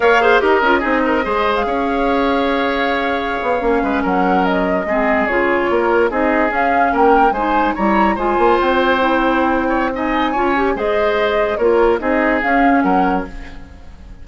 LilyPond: <<
  \new Staff \with { instrumentName = "flute" } { \time 4/4 \tempo 4 = 145 f''4 dis''2~ dis''8. f''16~ | f''1~ | f''4.~ f''16 fis''4 dis''4~ dis''16~ | dis''8. cis''2 dis''4 f''16~ |
f''8. g''4 gis''4 ais''4 gis''16~ | gis''8. g''2.~ g''16 | gis''2 dis''2 | cis''4 dis''4 f''4 fis''4 | }
  \new Staff \with { instrumentName = "oboe" } { \time 4/4 cis''8 c''8 ais'4 gis'8 ais'8 c''4 | cis''1~ | cis''4~ cis''16 b'8 ais'2 gis'16~ | gis'4.~ gis'16 ais'4 gis'4~ gis'16~ |
gis'8. ais'4 c''4 cis''4 c''16~ | c''2.~ c''8 cis''8 | dis''4 cis''4 c''2 | ais'4 gis'2 ais'4 | }
  \new Staff \with { instrumentName = "clarinet" } { \time 4/4 ais'8 gis'8 g'8 f'8 dis'4 gis'4~ | gis'1~ | gis'8. cis'2. c'16~ | c'8. f'2 dis'4 cis'16~ |
cis'4.~ cis'16 dis'4 e'4 f'16~ | f'4.~ f'16 e'2~ e'16 | dis'4 f'8 g'8 gis'2 | f'4 dis'4 cis'2 | }
  \new Staff \with { instrumentName = "bassoon" } { \time 4/4 ais4 dis'8 cis'8 c'4 gis4 | cis'1~ | cis'16 b8 ais8 gis8 fis2 gis16~ | gis8. cis4 ais4 c'4 cis'16~ |
cis'8. ais4 gis4 g4 gis16~ | gis16 ais8 c'2.~ c'16~ | c'4 cis'4 gis2 | ais4 c'4 cis'4 fis4 | }
>>